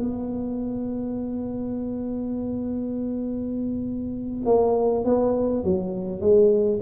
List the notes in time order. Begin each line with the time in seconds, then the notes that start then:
0.00 B3
4.45 A#3
5.04 B3
5.64 F#3
6.20 G#3